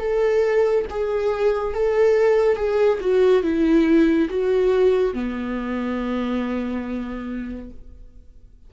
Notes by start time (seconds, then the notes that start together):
0.00 A4
0.90 G#4
1.75 A4
2.56 G#4
3.01 F#4
3.43 E4
4.30 F#4
5.14 B3